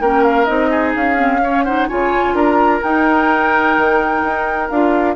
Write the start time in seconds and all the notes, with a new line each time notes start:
0.00 A#3 C#4 A#4 G5
0.23 F5
0.44 C4 D#4 D#5
0.70 G#4
0.95 C#4 F5
1.16 C4
1.43 C#4 C#5
1.64 D#4 C5 F#5
1.88 C#3 F4 C#5 G#5
2.33 D4 A#4 A#5
2.82 D#4 G5
3.77 D#3
4.22 D#4
4.69 D4 F4 F5